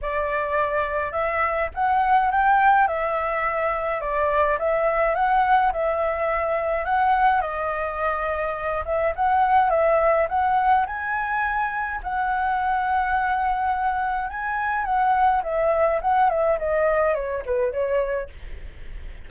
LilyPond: \new Staff \with { instrumentName = "flute" } { \time 4/4 \tempo 4 = 105 d''2 e''4 fis''4 | g''4 e''2 d''4 | e''4 fis''4 e''2 | fis''4 dis''2~ dis''8 e''8 |
fis''4 e''4 fis''4 gis''4~ | gis''4 fis''2.~ | fis''4 gis''4 fis''4 e''4 | fis''8 e''8 dis''4 cis''8 b'8 cis''4 | }